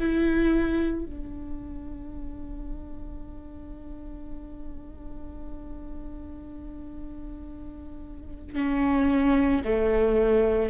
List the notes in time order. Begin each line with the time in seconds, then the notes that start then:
0.00 E4
1.06 D4
8.55 C#4
9.64 A3